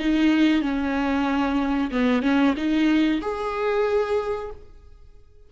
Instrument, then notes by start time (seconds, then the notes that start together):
viola
0.00 D#4
0.62 C#4
1.91 B3
2.23 C#4
2.57 D#4
3.22 G#4